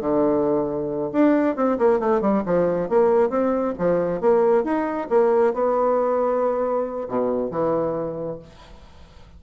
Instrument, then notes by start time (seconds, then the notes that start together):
bassoon
0.00 D3
1.12 D4
1.56 C4
1.78 A#3
1.99 A3
2.21 G3
2.45 F3
2.89 A#3
3.29 C4
3.78 F3
4.21 A#3
4.64 D#4
5.09 A#3
5.53 B3
7.08 B2
7.51 E3